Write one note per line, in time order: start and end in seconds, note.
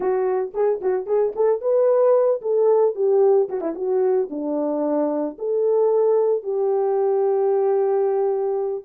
0.00 0.52 F#4
0.54 0.80 G#4
0.81 1.06 F#4
1.06 1.33 G#4
1.35 1.61 A4
1.61 2.41 B4
2.41 2.95 A4
2.95 3.48 G4
3.49 3.60 F#4
3.60 3.74 E4
3.75 4.29 F#4
4.30 5.37 D4
5.38 6.43 A4
6.43 8.84 G4